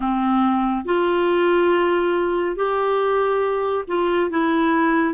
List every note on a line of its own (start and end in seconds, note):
0.00 0.85 C4
0.85 2.56 F4
2.56 3.84 G4
3.87 4.30 F4
4.30 5.14 E4